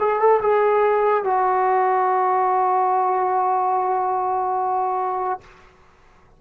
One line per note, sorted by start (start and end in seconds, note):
0.00 0.20 G#4
0.20 0.41 A4
0.42 1.24 G#4
1.24 5.41 F#4